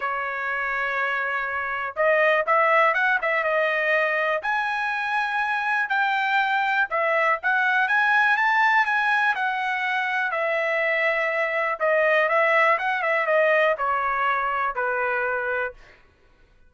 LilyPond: \new Staff \with { instrumentName = "trumpet" } { \time 4/4 \tempo 4 = 122 cis''1 | dis''4 e''4 fis''8 e''8 dis''4~ | dis''4 gis''2. | g''2 e''4 fis''4 |
gis''4 a''4 gis''4 fis''4~ | fis''4 e''2. | dis''4 e''4 fis''8 e''8 dis''4 | cis''2 b'2 | }